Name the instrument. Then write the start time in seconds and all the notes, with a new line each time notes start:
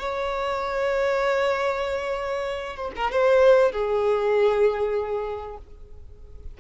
violin
0.00 C#5
2.77 C5
2.96 A#4
3.12 C5
3.73 G#4